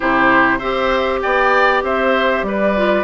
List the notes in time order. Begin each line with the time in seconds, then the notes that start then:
0.00 C3 E4 G4 C5
0.58 C4 G4 C5 E5
1.21 B3 D5 G5
1.83 C4 C5 E5
2.42 G3 B4 D5
2.76 F4